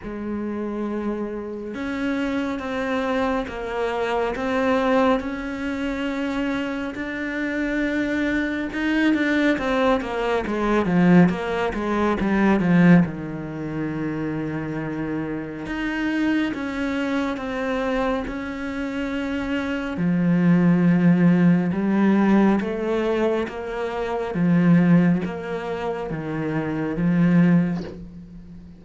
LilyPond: \new Staff \with { instrumentName = "cello" } { \time 4/4 \tempo 4 = 69 gis2 cis'4 c'4 | ais4 c'4 cis'2 | d'2 dis'8 d'8 c'8 ais8 | gis8 f8 ais8 gis8 g8 f8 dis4~ |
dis2 dis'4 cis'4 | c'4 cis'2 f4~ | f4 g4 a4 ais4 | f4 ais4 dis4 f4 | }